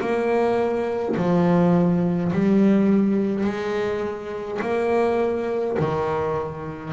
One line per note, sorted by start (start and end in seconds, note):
0.00 1.15 A#3
1.16 2.31 F3
2.32 3.44 G3
3.44 4.59 G#3
4.62 5.77 A#3
5.79 6.93 D#3